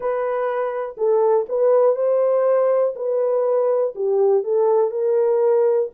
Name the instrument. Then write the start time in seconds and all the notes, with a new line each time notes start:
horn
0.00 B4
0.97 A4
1.48 B4
1.95 C5
2.95 B4
3.95 G4
4.43 A4
4.90 A#4